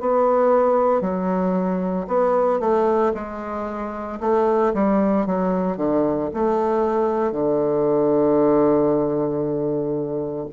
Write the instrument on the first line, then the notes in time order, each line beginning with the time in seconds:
bassoon
0.00 B3
1.01 F#3
2.08 B3
2.60 A3
3.14 G#3
4.20 A3
4.74 G3
5.26 F#3
5.77 D3
6.33 A3
7.32 D3